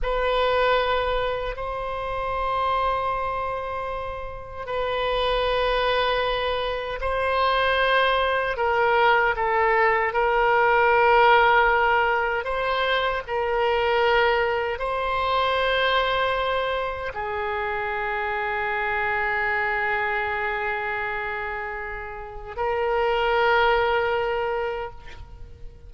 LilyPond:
\new Staff \with { instrumentName = "oboe" } { \time 4/4 \tempo 4 = 77 b'2 c''2~ | c''2 b'2~ | b'4 c''2 ais'4 | a'4 ais'2. |
c''4 ais'2 c''4~ | c''2 gis'2~ | gis'1~ | gis'4 ais'2. | }